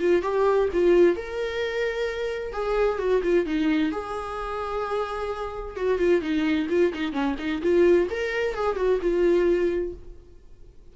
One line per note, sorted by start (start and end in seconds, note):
0.00 0.22 F4
0.22 0.68 G4
0.73 1.16 F4
1.16 2.52 A#4
2.52 2.99 G#4
2.99 3.22 F#4
3.23 3.46 F4
3.46 3.92 D#4
3.92 5.76 G#4
5.76 5.99 F#4
5.99 6.21 F4
6.21 6.67 D#4
6.69 6.93 F4
6.94 7.12 D#4
7.12 7.36 C#4
7.38 7.62 D#4
7.62 8.08 F4
8.10 8.55 A#4
8.55 8.76 G#4
8.76 8.99 F#4
9.01 9.94 F4